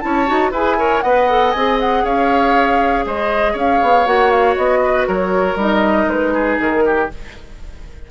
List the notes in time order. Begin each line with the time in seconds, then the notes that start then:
0.00 C#4 E4 C#5 A5
0.27 D#4 F#4
0.51 E4 G#4 B4 G#5
0.78 A#4 C#5
1.01 B3 B4 D#5 F#5
1.30 A4
1.52 C4 G#4 G#5
1.80 F#5
2.04 C#4 C#5 F5
3.06 G#3 C5 D#5
3.53 C#4 C#5 F5
3.82 B3
4.06 A#3 F#4 F#5
4.30 F5
4.57 B3 D#5
4.84 B4
5.08 F#3 A#4 C#5
5.56 G3 D#4 D#5
6.08 G#3 B4
6.34 G#4
6.60 D#3 A#4
6.86 G4